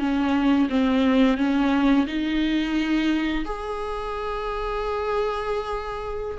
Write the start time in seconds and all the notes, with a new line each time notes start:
0.00 C#4
0.70 C4
1.38 C#4
2.07 D#4
3.45 G#4